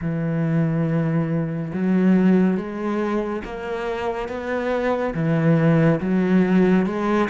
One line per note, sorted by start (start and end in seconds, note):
0.01 1.72 E3
1.73 2.57 F#3
2.57 3.42 G#3
3.44 4.28 A#3
4.28 5.14 B3
5.14 6.00 E3
6.00 6.86 F#3
6.86 7.29 G#3